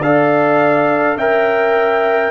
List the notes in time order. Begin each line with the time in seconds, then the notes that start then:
0.00 D4 A4 D5 F5
1.16 C#4 A#4 E5 G5